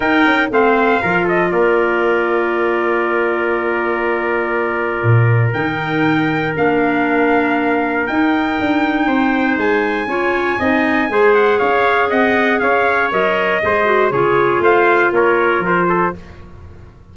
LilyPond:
<<
  \new Staff \with { instrumentName = "trumpet" } { \time 4/4 \tempo 4 = 119 g''4 f''4. dis''8 d''4~ | d''1~ | d''2. g''4~ | g''4 f''2. |
g''2. gis''4~ | gis''2~ gis''8 fis''8 f''4 | fis''4 f''4 dis''2 | cis''4 f''4 cis''4 c''4 | }
  \new Staff \with { instrumentName = "trumpet" } { \time 4/4 ais'4 c''4 ais'8 a'8 ais'4~ | ais'1~ | ais'1~ | ais'1~ |
ais'2 c''2 | cis''4 dis''4 c''4 cis''4 | dis''4 cis''2 c''4 | gis'4 c''4 ais'4. a'8 | }
  \new Staff \with { instrumentName = "clarinet" } { \time 4/4 dis'4 c'4 f'2~ | f'1~ | f'2. dis'4~ | dis'4 d'2. |
dis'1 | f'4 dis'4 gis'2~ | gis'2 ais'4 gis'8 fis'8 | f'1 | }
  \new Staff \with { instrumentName = "tuba" } { \time 4/4 dis'8 cis'8 a4 f4 ais4~ | ais1~ | ais2 ais,4 dis4~ | dis4 ais2. |
dis'4 d'4 c'4 gis4 | cis'4 c'4 gis4 cis'4 | c'4 cis'4 fis4 gis4 | cis4 a4 ais4 f4 | }
>>